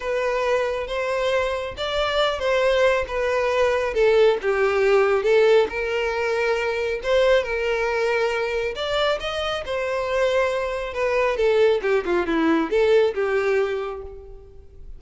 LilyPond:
\new Staff \with { instrumentName = "violin" } { \time 4/4 \tempo 4 = 137 b'2 c''2 | d''4. c''4. b'4~ | b'4 a'4 g'2 | a'4 ais'2. |
c''4 ais'2. | d''4 dis''4 c''2~ | c''4 b'4 a'4 g'8 f'8 | e'4 a'4 g'2 | }